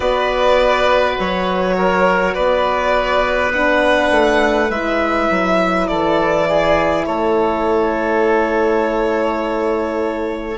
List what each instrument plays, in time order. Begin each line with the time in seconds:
0.00 bassoon B3, horn F#4, oboe B4, violin D5
1.18 bassoon F#3, violin C#5
1.78 oboe A#4
2.34 bassoon B3, oboe B4, violin D5
3.53 horn D4, violin F#5
4.11 bassoon A3
4.69 bassoon G#3, horn E4, violin E5
5.30 bassoon F#3
5.87 bassoon E3, oboe A4, violin D5
6.48 oboe G#4
7.05 bassoon A3, oboe A4, violin C#5